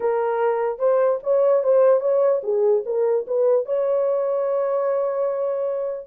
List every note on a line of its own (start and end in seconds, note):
0.00 0.78 A#4
0.78 1.19 C5
1.23 1.63 C#5
1.63 2.00 C5
2.00 2.41 C#5
2.43 2.83 G#4
2.85 3.26 A#4
3.27 3.65 B4
3.65 6.07 C#5